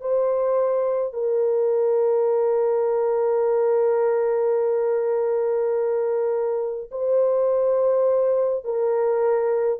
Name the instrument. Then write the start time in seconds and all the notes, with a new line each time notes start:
horn
0.00 C5
1.13 A#4
6.91 C5
8.64 A#4